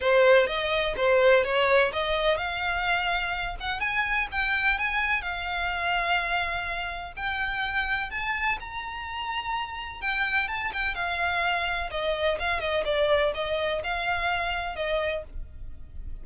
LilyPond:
\new Staff \with { instrumentName = "violin" } { \time 4/4 \tempo 4 = 126 c''4 dis''4 c''4 cis''4 | dis''4 f''2~ f''8 fis''8 | gis''4 g''4 gis''4 f''4~ | f''2. g''4~ |
g''4 a''4 ais''2~ | ais''4 g''4 a''8 g''8 f''4~ | f''4 dis''4 f''8 dis''8 d''4 | dis''4 f''2 dis''4 | }